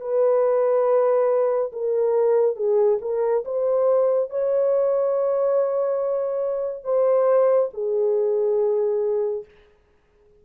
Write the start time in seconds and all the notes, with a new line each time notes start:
0.00 B4
1.72 A#4
2.56 G#4
3.01 A#4
3.44 C5
4.29 C#5
6.84 C5
7.73 G#4